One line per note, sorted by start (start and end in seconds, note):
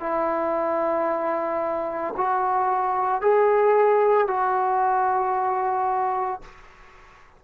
0.00 2.14 E4
2.17 3.22 F#4
3.22 4.28 G#4
4.28 6.42 F#4